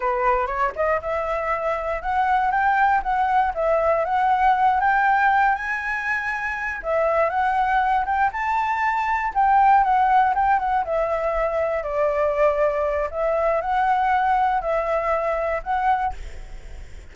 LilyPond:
\new Staff \with { instrumentName = "flute" } { \time 4/4 \tempo 4 = 119 b'4 cis''8 dis''8 e''2 | fis''4 g''4 fis''4 e''4 | fis''4. g''4. gis''4~ | gis''4. e''4 fis''4. |
g''8 a''2 g''4 fis''8~ | fis''8 g''8 fis''8 e''2 d''8~ | d''2 e''4 fis''4~ | fis''4 e''2 fis''4 | }